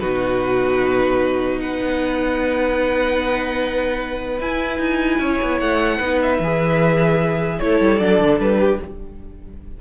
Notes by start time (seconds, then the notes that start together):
0.00 B2 D#4 F#4 B4
1.61 B4 F#5
1.81 B3
4.40 E4 G#5
4.79 D#4
5.19 C#4 C#5
5.42 B3
5.60 A3 F#5
5.98 B3 D#4 B4
6.22 E5
6.39 E3 G#4
7.60 A3 E4 A4 C#5
7.81 G3
7.99 F#3 D4 D5
8.19 D3
8.39 G3 B4
8.60 G4